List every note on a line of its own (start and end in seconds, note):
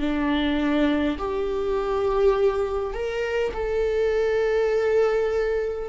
0.00 1.18 D4
1.18 2.94 G4
2.94 3.52 A#4
3.53 5.88 A4